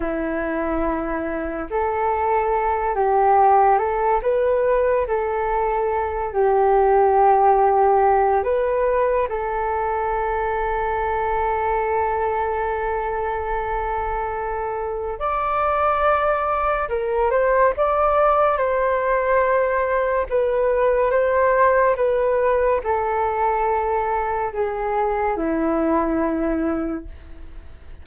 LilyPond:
\new Staff \with { instrumentName = "flute" } { \time 4/4 \tempo 4 = 71 e'2 a'4. g'8~ | g'8 a'8 b'4 a'4. g'8~ | g'2 b'4 a'4~ | a'1~ |
a'2 d''2 | ais'8 c''8 d''4 c''2 | b'4 c''4 b'4 a'4~ | a'4 gis'4 e'2 | }